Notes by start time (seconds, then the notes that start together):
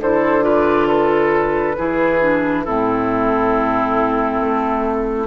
0.00 D3 E4 A4 C5
0.42 F4 B4 D5
0.87 A4 B4
1.77 E3 E4 G#4
2.21 D4
2.64 A2 C4 E4 A4
4.40 A3